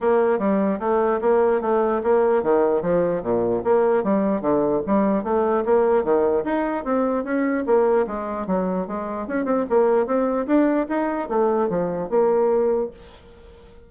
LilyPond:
\new Staff \with { instrumentName = "bassoon" } { \time 4/4 \tempo 4 = 149 ais4 g4 a4 ais4 | a4 ais4 dis4 f4 | ais,4 ais4 g4 d4 | g4 a4 ais4 dis4 |
dis'4 c'4 cis'4 ais4 | gis4 fis4 gis4 cis'8 c'8 | ais4 c'4 d'4 dis'4 | a4 f4 ais2 | }